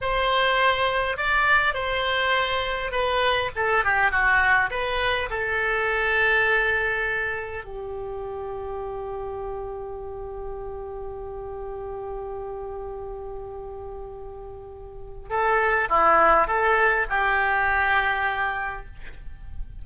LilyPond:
\new Staff \with { instrumentName = "oboe" } { \time 4/4 \tempo 4 = 102 c''2 d''4 c''4~ | c''4 b'4 a'8 g'8 fis'4 | b'4 a'2.~ | a'4 g'2.~ |
g'1~ | g'1~ | g'2 a'4 e'4 | a'4 g'2. | }